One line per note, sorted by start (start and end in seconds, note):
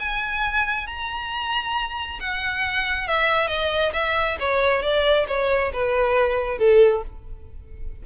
0.00 0.87 G#5
0.87 2.20 A#5
2.21 3.08 F#5
3.08 3.48 E5
3.48 3.92 D#5
3.94 4.38 E5
4.40 4.83 C#5
4.83 5.27 D5
5.28 5.72 C#5
5.73 6.59 B4
6.59 7.03 A4